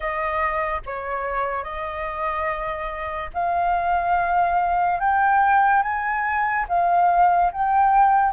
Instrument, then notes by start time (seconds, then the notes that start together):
flute
0.00 D#5
0.86 C#5
1.63 D#5
3.33 F5
5.00 G5
5.82 G#5
6.68 F5
7.52 G5